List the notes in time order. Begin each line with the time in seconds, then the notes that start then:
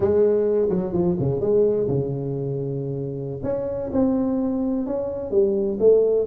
0.00 G#3
0.69 F#3
0.92 F3
1.19 C#3
1.40 G#3
1.88 C#3
3.43 C#4
3.92 C4
4.86 C#4
5.30 G3
5.79 A3